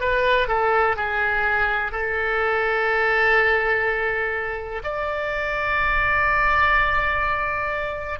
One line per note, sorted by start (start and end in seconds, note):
0.00 0.48 B4
0.48 0.96 A4
0.96 1.91 G#4
1.91 4.82 A4
4.83 8.19 D5